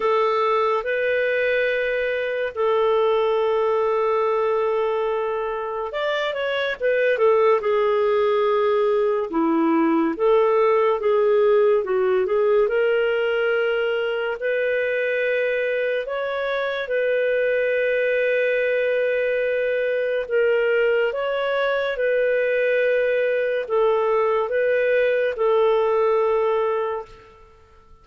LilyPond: \new Staff \with { instrumentName = "clarinet" } { \time 4/4 \tempo 4 = 71 a'4 b'2 a'4~ | a'2. d''8 cis''8 | b'8 a'8 gis'2 e'4 | a'4 gis'4 fis'8 gis'8 ais'4~ |
ais'4 b'2 cis''4 | b'1 | ais'4 cis''4 b'2 | a'4 b'4 a'2 | }